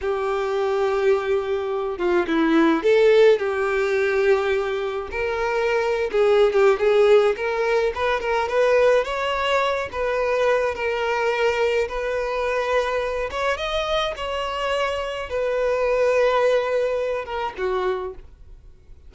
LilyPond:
\new Staff \with { instrumentName = "violin" } { \time 4/4 \tempo 4 = 106 g'2.~ g'8 f'8 | e'4 a'4 g'2~ | g'4 ais'4.~ ais'16 gis'8. g'8 | gis'4 ais'4 b'8 ais'8 b'4 |
cis''4. b'4. ais'4~ | ais'4 b'2~ b'8 cis''8 | dis''4 cis''2 b'4~ | b'2~ b'8 ais'8 fis'4 | }